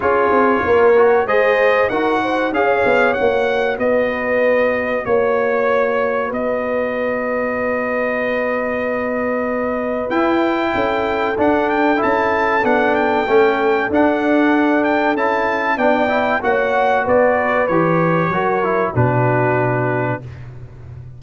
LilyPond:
<<
  \new Staff \with { instrumentName = "trumpet" } { \time 4/4 \tempo 4 = 95 cis''2 dis''4 fis''4 | f''4 fis''4 dis''2 | cis''2 dis''2~ | dis''1 |
g''2 fis''8 g''8 a''4 | fis''8 g''4. fis''4. g''8 | a''4 g''4 fis''4 d''4 | cis''2 b'2 | }
  \new Staff \with { instrumentName = "horn" } { \time 4/4 gis'4 ais'4 c''4 ais'8 c''8 | cis''2 b'2 | cis''2 b'2~ | b'1~ |
b'4 a'2.~ | a'1~ | a'4 d''4 cis''4 b'4~ | b'4 ais'4 fis'2 | }
  \new Staff \with { instrumentName = "trombone" } { \time 4/4 f'4. fis'8 gis'4 fis'4 | gis'4 fis'2.~ | fis'1~ | fis'1 |
e'2 d'4 e'4 | d'4 cis'4 d'2 | e'4 d'8 e'8 fis'2 | g'4 fis'8 e'8 d'2 | }
  \new Staff \with { instrumentName = "tuba" } { \time 4/4 cis'8 c'8 ais4 gis4 dis'4 | cis'8 b8 ais4 b2 | ais2 b2~ | b1 |
e'4 cis'4 d'4 cis'4 | b4 a4 d'2 | cis'4 b4 ais4 b4 | e4 fis4 b,2 | }
>>